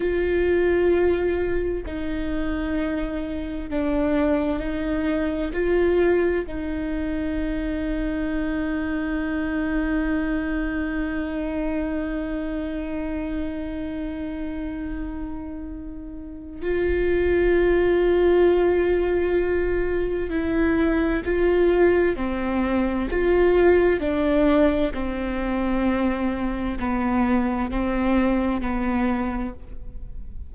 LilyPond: \new Staff \with { instrumentName = "viola" } { \time 4/4 \tempo 4 = 65 f'2 dis'2 | d'4 dis'4 f'4 dis'4~ | dis'1~ | dis'1~ |
dis'2 f'2~ | f'2 e'4 f'4 | c'4 f'4 d'4 c'4~ | c'4 b4 c'4 b4 | }